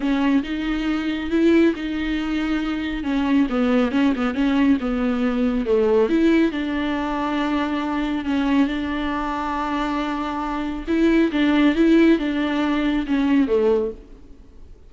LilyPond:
\new Staff \with { instrumentName = "viola" } { \time 4/4 \tempo 4 = 138 cis'4 dis'2 e'4 | dis'2. cis'4 | b4 cis'8 b8 cis'4 b4~ | b4 a4 e'4 d'4~ |
d'2. cis'4 | d'1~ | d'4 e'4 d'4 e'4 | d'2 cis'4 a4 | }